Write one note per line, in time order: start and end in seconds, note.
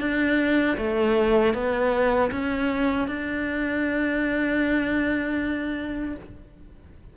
0.00 0.77 D4
0.77 1.54 A3
1.54 2.31 B3
2.31 3.08 C#4
3.08 6.15 D4